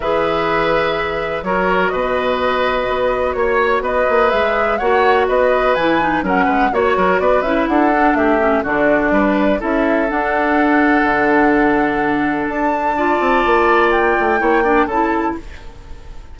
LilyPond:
<<
  \new Staff \with { instrumentName = "flute" } { \time 4/4 \tempo 4 = 125 e''2. cis''4 | dis''2. cis''4 | dis''4 e''4 fis''4 dis''4 | gis''4 fis''4 cis''4 d''8 e''8 |
fis''4 e''4 d''2 | e''4 fis''2.~ | fis''2 a''2~ | a''4 g''2 a''4 | }
  \new Staff \with { instrumentName = "oboe" } { \time 4/4 b'2. ais'4 | b'2. cis''4 | b'2 cis''4 b'4~ | b'4 ais'8 b'8 cis''8 ais'8 b'4 |
a'4 g'4 fis'4 b'4 | a'1~ | a'2. d''4~ | d''2 cis''8 d''8 a'4 | }
  \new Staff \with { instrumentName = "clarinet" } { \time 4/4 gis'2. fis'4~ | fis'1~ | fis'4 gis'4 fis'2 | e'8 dis'8 cis'4 fis'4. e'8~ |
e'8 d'4 cis'8 d'2 | e'4 d'2.~ | d'2. f'4~ | f'2 e'8 d'8 e'4 | }
  \new Staff \with { instrumentName = "bassoon" } { \time 4/4 e2. fis4 | b,2 b4 ais4 | b8 ais8 gis4 ais4 b4 | e4 fis8 gis8 ais8 fis8 b8 cis'8 |
d'4 a4 d4 g4 | cis'4 d'2 d4~ | d2 d'4. c'8 | ais4. a8 ais4 cis4 | }
>>